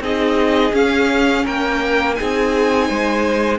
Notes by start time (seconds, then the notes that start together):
0.00 C4 D#4 G#4 D#5
0.72 C#4 F5
1.45 A#3 A#4 G5
2.14 D#4 G#4 G#5
2.21 C4
2.88 G#3 C5